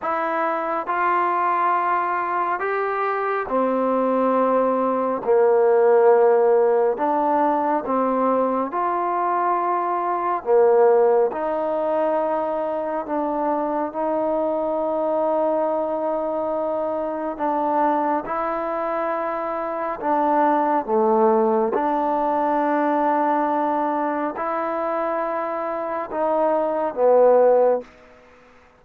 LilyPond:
\new Staff \with { instrumentName = "trombone" } { \time 4/4 \tempo 4 = 69 e'4 f'2 g'4 | c'2 ais2 | d'4 c'4 f'2 | ais4 dis'2 d'4 |
dis'1 | d'4 e'2 d'4 | a4 d'2. | e'2 dis'4 b4 | }